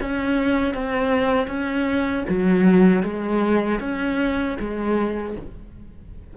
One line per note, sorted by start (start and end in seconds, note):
0.00 0.74 C#4
0.74 1.47 C4
1.47 2.24 C#4
2.28 3.02 F#3
3.02 3.79 G#3
3.80 4.57 C#4
4.59 5.36 G#3